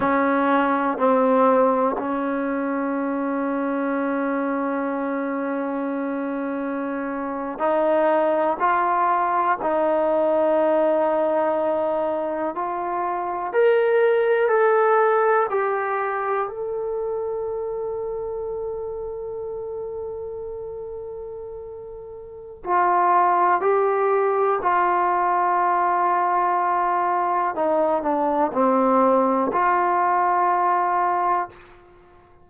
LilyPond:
\new Staff \with { instrumentName = "trombone" } { \time 4/4 \tempo 4 = 61 cis'4 c'4 cis'2~ | cis'2.~ cis'8. dis'16~ | dis'8. f'4 dis'2~ dis'16~ | dis'8. f'4 ais'4 a'4 g'16~ |
g'8. a'2.~ a'16~ | a'2. f'4 | g'4 f'2. | dis'8 d'8 c'4 f'2 | }